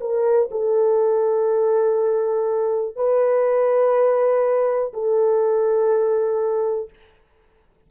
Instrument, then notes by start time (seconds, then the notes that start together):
horn
0.00 A#4
0.51 A4
2.96 B4
4.93 A4